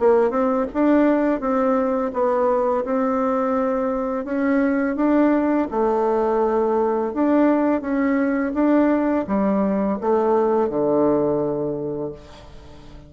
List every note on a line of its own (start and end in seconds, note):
0.00 0.31 A#3
0.31 0.67 C4
0.74 1.41 D4
1.41 2.12 C4
2.14 2.85 B3
2.85 4.25 C4
4.25 4.96 C#4
4.96 5.68 D4
5.71 7.14 A3
7.14 7.81 D4
7.81 8.53 C#4
8.55 9.26 D4
9.28 9.99 G3
10.01 10.70 A3
10.70 12.13 D3